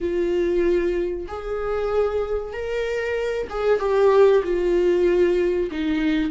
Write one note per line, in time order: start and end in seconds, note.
0.00 1.27 F4
1.28 2.52 G#4
2.52 3.47 A#4
3.49 3.79 G#4
3.79 4.42 G4
4.43 5.70 F4
5.71 6.30 D#4